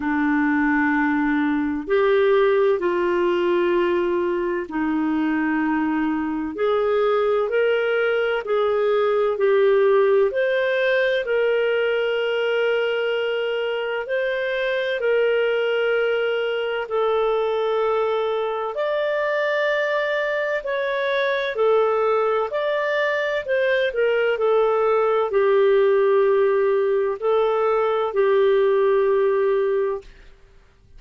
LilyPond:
\new Staff \with { instrumentName = "clarinet" } { \time 4/4 \tempo 4 = 64 d'2 g'4 f'4~ | f'4 dis'2 gis'4 | ais'4 gis'4 g'4 c''4 | ais'2. c''4 |
ais'2 a'2 | d''2 cis''4 a'4 | d''4 c''8 ais'8 a'4 g'4~ | g'4 a'4 g'2 | }